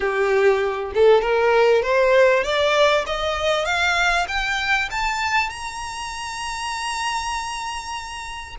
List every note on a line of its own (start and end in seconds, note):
0.00 0.92 G4
0.94 1.21 A4
1.21 1.82 A#4
1.82 2.43 C5
2.43 3.04 D5
3.06 3.65 D#5
3.65 4.26 F5
4.28 4.89 G5
4.90 5.49 A5
5.49 8.55 A#5